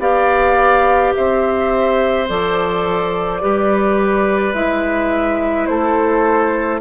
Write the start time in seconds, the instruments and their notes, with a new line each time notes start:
0.00 bassoon B3, clarinet G4, oboe D5, flute F5
1.15 bassoon C4, oboe C5, flute E5
2.29 bassoon F3, clarinet A4, flute D5
3.41 bassoon G3, clarinet G4, oboe B4
4.54 bassoon G#3, clarinet E4, flute E5
5.67 bassoon A3, oboe A4, flute C5